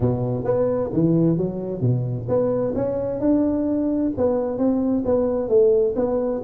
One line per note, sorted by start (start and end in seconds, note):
0.00 0.44 B2
0.44 0.90 B3
0.93 1.37 E3
1.37 1.80 F#3
1.80 2.26 B2
2.28 2.74 B3
2.75 3.20 C#4
3.20 4.11 D4
4.17 4.57 B3
4.57 5.03 C4
5.05 5.48 B3
5.48 5.94 A3
5.95 6.41 B3